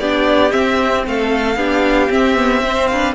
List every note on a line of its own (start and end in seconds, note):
0.00 0.53 B3
0.00 0.51 D4
0.00 1.05 G4
0.00 0.52 D5
0.51 1.56 C4
0.51 1.07 C4
0.51 1.04 E5
1.07 1.57 A3
1.07 1.58 A4
1.07 2.12 F5
1.57 2.09 B3
1.57 2.10 D4
1.57 2.64 G4
2.10 2.36 C4
2.10 3.15 C4
2.10 2.87 E5
2.36 2.63 B3
2.64 2.90 C4
2.64 2.90 C5
2.87 3.15 D4
2.87 3.15 B4
2.87 3.14 F5